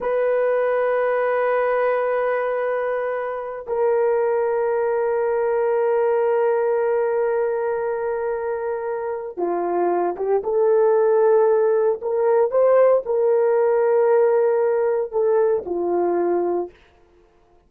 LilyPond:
\new Staff \with { instrumentName = "horn" } { \time 4/4 \tempo 4 = 115 b'1~ | b'2. ais'4~ | ais'1~ | ais'1~ |
ais'2 f'4. g'8 | a'2. ais'4 | c''4 ais'2.~ | ais'4 a'4 f'2 | }